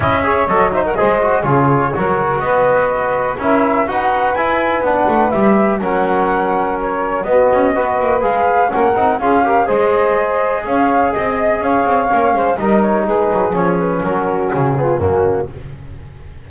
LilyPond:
<<
  \new Staff \with { instrumentName = "flute" } { \time 4/4 \tempo 4 = 124 e''4 dis''8 e''16 fis''16 dis''4 cis''4~ | cis''4 dis''2 e''4 | fis''4 gis''4 fis''4 e''4 | fis''2 cis''4 dis''4~ |
dis''4 f''4 fis''4 f''4 | dis''2 f''4 dis''4 | f''2 dis''8 cis''8 b'4 | cis''8 b'8 ais'4 gis'4 fis'4 | }
  \new Staff \with { instrumentName = "saxophone" } { \time 4/4 dis''8 cis''4 c''16 ais'16 c''4 gis'4 | ais'4 b'2 ais'4 | b'1 | ais'2. fis'4 |
b'2 ais'4 gis'8 ais'8 | c''2 cis''4 dis''4 | cis''4. c''8 ais'4 gis'4~ | gis'4 fis'4. f'8 cis'4 | }
  \new Staff \with { instrumentName = "trombone" } { \time 4/4 e'8 gis'8 a'8 dis'8 gis'8 fis'8 f'4 | fis'2. e'4 | fis'4 e'4 d'4 g'4 | cis'2. b4 |
fis'4 gis'4 cis'8 dis'8 f'8 g'8 | gis'1~ | gis'4 cis'4 dis'2 | cis'2~ cis'8 b8 ais4 | }
  \new Staff \with { instrumentName = "double bass" } { \time 4/4 cis'4 fis4 gis4 cis4 | fis4 b2 cis'4 | dis'4 e'4 b8 a8 g4 | fis2. b8 cis'8 |
b8 ais8 gis4 ais8 c'8 cis'4 | gis2 cis'4 c'4 | cis'8 c'8 ais8 gis8 g4 gis8 fis8 | f4 fis4 cis4 fis,4 | }
>>